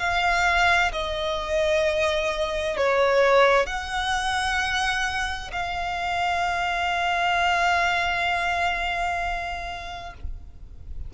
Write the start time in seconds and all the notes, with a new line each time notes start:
0.00 F5
0.93 D#5
2.77 C#5
3.67 F#5
5.53 F5